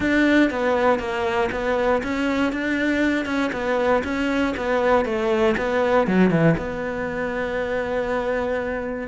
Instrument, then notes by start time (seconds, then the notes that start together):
cello
0.00 D4
0.50 B3
0.99 A#3
1.51 B3
2.03 C#4
2.52 D4
3.25 C#4
3.52 B3
4.04 C#4
4.56 B3
5.05 A3
5.57 B3
6.07 F#3
6.30 E3
6.57 B3